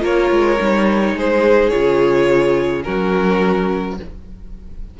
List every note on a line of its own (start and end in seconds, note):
0.00 0.31 A#3
0.00 0.57 F4
0.00 1.15 A#4
0.00 1.19 C#5
0.31 0.59 G#3
0.58 1.15 G3
0.58 1.72 D#4
1.15 1.72 G#3
1.15 2.85 G#4
1.15 1.69 C5
1.69 2.87 C#3
1.69 2.84 F4
1.69 2.83 C#5
2.84 4.00 F#3
2.84 3.97 C#4
2.84 3.98 F#4
2.84 3.97 A#4